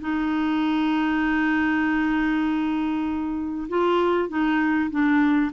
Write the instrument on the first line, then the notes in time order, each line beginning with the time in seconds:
clarinet
0.00 D#4
3.68 F4
4.28 D#4
4.90 D4